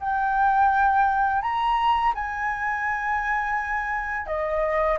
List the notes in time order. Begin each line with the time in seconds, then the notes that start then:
0.00 G5
1.42 A#5
2.15 G#5
4.27 D#5